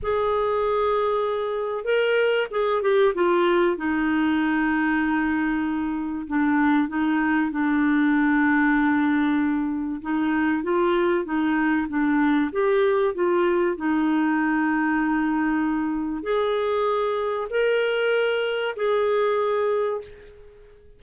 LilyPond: \new Staff \with { instrumentName = "clarinet" } { \time 4/4 \tempo 4 = 96 gis'2. ais'4 | gis'8 g'8 f'4 dis'2~ | dis'2 d'4 dis'4 | d'1 |
dis'4 f'4 dis'4 d'4 | g'4 f'4 dis'2~ | dis'2 gis'2 | ais'2 gis'2 | }